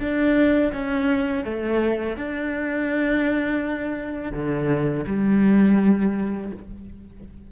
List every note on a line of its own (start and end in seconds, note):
0.00 0.72 D4
0.73 1.45 C#4
1.45 2.17 A3
2.17 4.32 D4
4.32 5.05 D3
5.07 6.52 G3